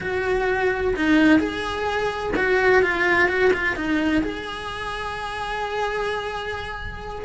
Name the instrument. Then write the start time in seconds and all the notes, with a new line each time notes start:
cello
0.00 F#4
0.96 D#4
1.39 G#4
2.36 F#4
2.82 F4
3.28 F#4
3.53 F4
3.76 D#4
4.22 G#4